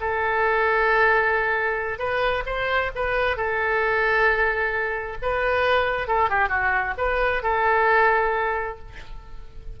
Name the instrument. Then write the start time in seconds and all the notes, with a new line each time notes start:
oboe
0.00 A4
1.98 B4
2.45 C5
2.95 B4
3.36 A4
5.21 B4
6.07 A4
6.29 G4
6.48 F#4
6.97 B4
7.43 A4